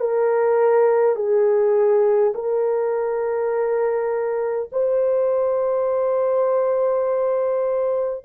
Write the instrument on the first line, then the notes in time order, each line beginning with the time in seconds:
horn
0.00 A#4
1.16 G#4
2.34 A#4
4.72 C5